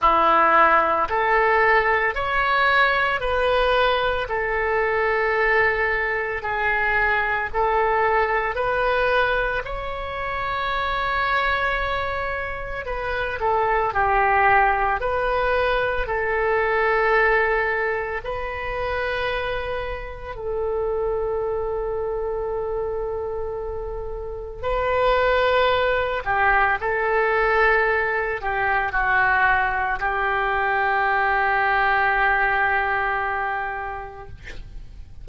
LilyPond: \new Staff \with { instrumentName = "oboe" } { \time 4/4 \tempo 4 = 56 e'4 a'4 cis''4 b'4 | a'2 gis'4 a'4 | b'4 cis''2. | b'8 a'8 g'4 b'4 a'4~ |
a'4 b'2 a'4~ | a'2. b'4~ | b'8 g'8 a'4. g'8 fis'4 | g'1 | }